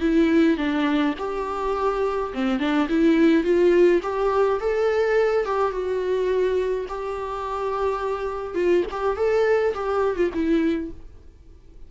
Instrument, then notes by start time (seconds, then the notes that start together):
viola
0.00 E4
0.57 D4
1.18 G4
2.34 C4
2.59 D4
2.89 E4
3.43 F4
4.02 G4
4.60 A4
5.45 G4
5.71 F#4
6.88 G4
8.55 F4
8.91 G4
9.16 A4
9.74 G4
10.16 F4
10.34 E4